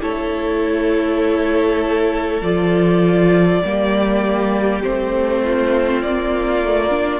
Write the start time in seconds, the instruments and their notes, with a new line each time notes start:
0.00 cello A3, viola E4, violin A4 C#5
2.41 cello F3, viola F4, violin D5
3.64 cello G3, viola A#3, violin G4
4.83 cello A3, viola C4, violin C5
5.43 violin F4
6.02 cello A#3, violin D5
6.63 viola A3
6.90 viola D4